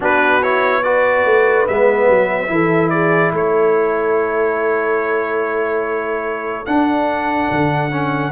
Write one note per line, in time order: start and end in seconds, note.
0.00 1.24 B3
0.00 0.41 D4
0.00 0.80 F#4
0.00 0.42 B4
0.42 0.83 E4
0.42 0.83 C#5
0.83 1.67 F#4
0.83 2.50 B4
0.83 1.66 D5
1.24 1.66 A3
1.67 2.08 G#3
1.67 2.47 B3
1.67 2.89 E5
2.08 2.49 F#3
2.47 3.32 E3
2.47 6.64 E4
2.47 2.92 A4
2.89 3.33 G#4
2.89 3.31 D5
3.32 6.65 A3
3.32 8.32 A4
3.32 6.65 C#5
6.65 7.50 D4
6.65 7.90 D4
6.65 8.32 F#5
7.51 8.32 D3
7.90 8.32 C#4